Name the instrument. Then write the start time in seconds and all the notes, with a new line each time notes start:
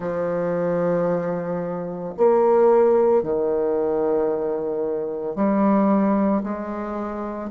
bassoon
0.00 F3
2.17 A#3
3.22 D#3
5.35 G3
6.43 G#3